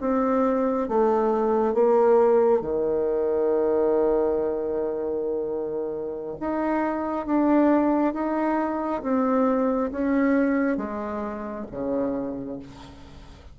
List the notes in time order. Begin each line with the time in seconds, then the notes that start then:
0.00 C4
0.88 A3
1.74 A#3
2.61 D#3
6.40 D#4
7.26 D4
8.13 D#4
9.02 C4
9.91 C#4
10.77 G#3
11.71 C#3